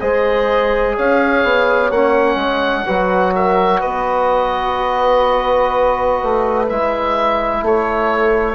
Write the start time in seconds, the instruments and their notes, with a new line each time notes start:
0.00 bassoon G#3, trombone G#4, horn C5, oboe D#5
0.96 bassoon C#4, horn C#5, oboe F5
1.43 bassoon B3
1.90 bassoon A#3, trombone C#4, oboe F#5
2.35 bassoon G#3
2.86 bassoon F#3, trombone F#4, horn B4
3.35 horn A#4, oboe E5
3.80 bassoon B3, horn B4, oboe D#5
6.22 bassoon A3
6.68 bassoon G#3, trombone E4, oboe E5
7.61 bassoon A3, horn A4, oboe C#5